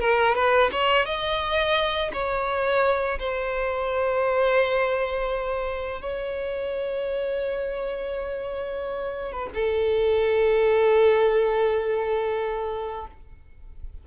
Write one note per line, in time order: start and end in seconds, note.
0.00 0.35 A#4
0.35 0.71 B4
0.72 1.06 C#5
1.06 2.12 D#5
2.13 3.19 C#5
3.19 6.02 C5
6.02 9.32 C#5
9.32 9.50 B4
9.55 13.07 A4